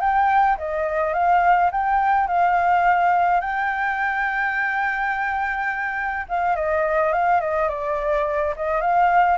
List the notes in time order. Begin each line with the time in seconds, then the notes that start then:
0.00 G5
0.57 D#5
1.13 F5
1.71 G5
2.27 F5
3.40 G5
6.28 F5
6.55 D#5
7.12 F5
7.40 D#5
7.68 D5
8.56 D#5
8.81 F5